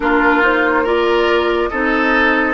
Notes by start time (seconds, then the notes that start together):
0.00 A#3 D4 F4 A#4
0.42 D#4 C5
0.83 F4 A#4 D5
1.68 C4 D#4 A4 D#5